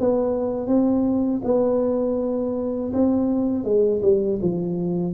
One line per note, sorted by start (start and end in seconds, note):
0.00 0.67 B3
0.67 1.41 C4
1.44 2.93 B3
2.93 3.64 C4
3.64 4.01 G#3
4.02 4.39 G3
4.42 5.14 F3